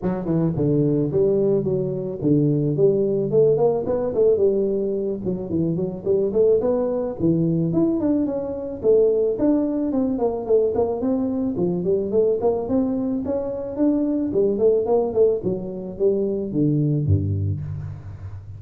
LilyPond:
\new Staff \with { instrumentName = "tuba" } { \time 4/4 \tempo 4 = 109 fis8 e8 d4 g4 fis4 | d4 g4 a8 ais8 b8 a8 | g4. fis8 e8 fis8 g8 a8 | b4 e4 e'8 d'8 cis'4 |
a4 d'4 c'8 ais8 a8 ais8 | c'4 f8 g8 a8 ais8 c'4 | cis'4 d'4 g8 a8 ais8 a8 | fis4 g4 d4 g,4 | }